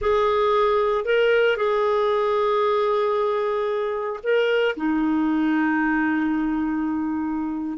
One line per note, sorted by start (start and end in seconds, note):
0.01 1.04 G#4
1.04 1.56 A#4
1.56 4.20 G#4
4.23 4.75 A#4
4.76 7.78 D#4